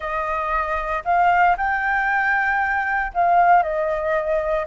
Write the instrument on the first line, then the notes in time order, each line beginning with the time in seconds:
flute
0.00 D#5
1.04 F5
1.57 G5
3.14 F5
3.62 D#5